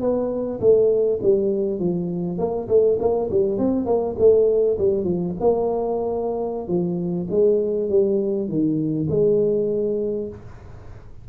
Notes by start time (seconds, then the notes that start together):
0.00 B3
0.60 A3
1.22 G3
1.79 F3
2.38 A#3
2.68 A3
2.99 A#3
3.30 G3
3.58 C4
3.85 A#3
4.18 A3
4.78 G3
5.04 F3
5.40 A#3
6.68 F3
7.30 G#3
7.89 G3
8.48 D#3
9.09 G#3